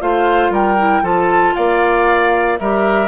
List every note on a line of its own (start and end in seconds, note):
0.00 0.50 A3
0.00 0.77 F4
0.00 0.52 C5
0.00 0.52 F5
0.50 1.01 G3
0.50 1.02 A#4
0.50 1.05 G5
0.77 1.03 E4
1.02 1.54 F3
1.02 2.58 F4
1.02 1.54 A4
1.02 1.55 A5
1.55 2.60 A#3
1.55 2.59 D5
1.55 2.58 F5
2.59 3.07 G3
2.59 3.07 G4
2.59 3.07 A#4
2.59 3.07 E5